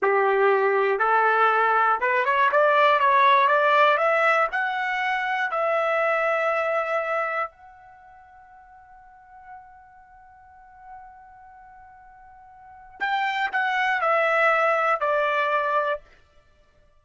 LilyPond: \new Staff \with { instrumentName = "trumpet" } { \time 4/4 \tempo 4 = 120 g'2 a'2 | b'8 cis''8 d''4 cis''4 d''4 | e''4 fis''2 e''4~ | e''2. fis''4~ |
fis''1~ | fis''1~ | fis''2 g''4 fis''4 | e''2 d''2 | }